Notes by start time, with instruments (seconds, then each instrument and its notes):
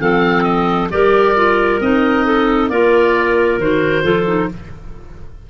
0.00 tuba F3, clarinet C4 A4, oboe F5
0.43 oboe D#5
0.90 tuba G3, clarinet G4 A#4, oboe D5
1.36 clarinet F4
1.80 tuba C4, clarinet D#4, oboe D#5
2.26 clarinet A4
2.69 tuba A#3, clarinet F4 A#4, oboe D5
3.58 tuba D#3, clarinet F#4, oboe C5
4.03 tuba F3, clarinet F4 A4
4.26 clarinet D#4